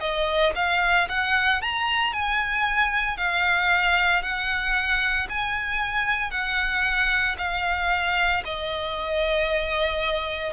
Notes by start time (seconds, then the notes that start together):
0.00 D#5
0.55 F5
1.09 F#5
1.61 A#5
2.12 G#5
3.17 F5
4.22 F#5
5.29 G#5
6.31 F#5
7.38 F5
8.44 D#5